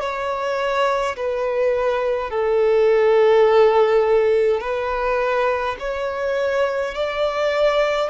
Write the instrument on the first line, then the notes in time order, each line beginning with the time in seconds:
violin
0.00 C#5
1.16 B4
2.30 A4
4.60 B4
5.79 C#5
6.94 D5